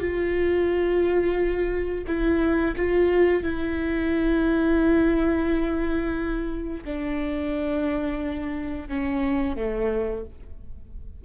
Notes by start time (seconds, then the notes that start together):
0.00 F4
2.07 E4
2.76 F4
3.43 E4
6.84 D4
8.89 C#4
9.56 A3